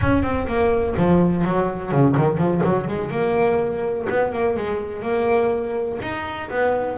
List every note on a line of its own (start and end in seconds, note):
0.01 0.22 C#4
0.22 0.46 C4
0.47 0.95 A#3
0.97 1.44 F3
1.44 1.91 F#3
1.91 2.15 C#3
2.17 2.37 D#3
2.37 2.61 F3
2.64 2.87 F#3
2.87 3.10 G#3
3.10 4.06 A#3
4.09 4.32 B3
4.32 4.56 A#3
4.56 5.02 G#3
5.02 5.98 A#3
6.01 6.49 D#4
6.50 6.98 B3